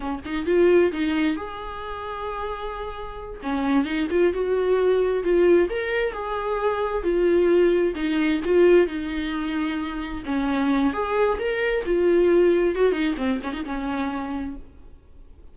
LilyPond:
\new Staff \with { instrumentName = "viola" } { \time 4/4 \tempo 4 = 132 cis'8 dis'8 f'4 dis'4 gis'4~ | gis'2.~ gis'8 cis'8~ | cis'8 dis'8 f'8 fis'2 f'8~ | f'8 ais'4 gis'2 f'8~ |
f'4. dis'4 f'4 dis'8~ | dis'2~ dis'8 cis'4. | gis'4 ais'4 f'2 | fis'8 dis'8 c'8 cis'16 dis'16 cis'2 | }